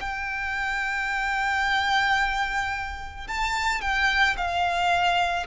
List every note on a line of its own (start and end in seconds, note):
0.00 3.27 G5
3.27 3.81 A5
3.81 4.36 G5
4.37 5.46 F5